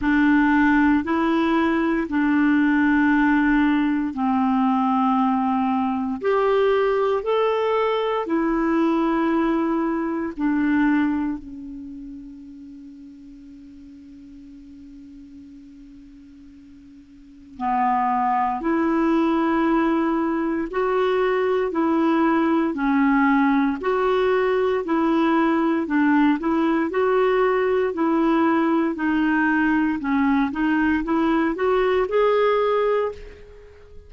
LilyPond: \new Staff \with { instrumentName = "clarinet" } { \time 4/4 \tempo 4 = 58 d'4 e'4 d'2 | c'2 g'4 a'4 | e'2 d'4 cis'4~ | cis'1~ |
cis'4 b4 e'2 | fis'4 e'4 cis'4 fis'4 | e'4 d'8 e'8 fis'4 e'4 | dis'4 cis'8 dis'8 e'8 fis'8 gis'4 | }